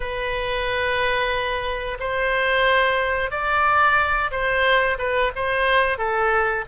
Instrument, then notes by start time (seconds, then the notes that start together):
oboe
0.00 B4
1.99 C5
3.30 D5
4.31 C5
4.98 B4
5.35 C5
5.98 A4